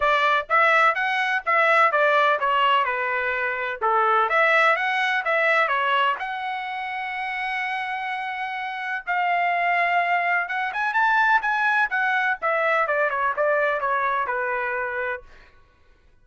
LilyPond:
\new Staff \with { instrumentName = "trumpet" } { \time 4/4 \tempo 4 = 126 d''4 e''4 fis''4 e''4 | d''4 cis''4 b'2 | a'4 e''4 fis''4 e''4 | cis''4 fis''2.~ |
fis''2. f''4~ | f''2 fis''8 gis''8 a''4 | gis''4 fis''4 e''4 d''8 cis''8 | d''4 cis''4 b'2 | }